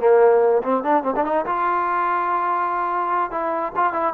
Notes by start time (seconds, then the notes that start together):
0.00 A#3
0.63 C4
0.84 D4
1.04 C4
1.16 D4
1.25 D#4
1.46 F4
3.31 E4
3.76 F4
3.93 E4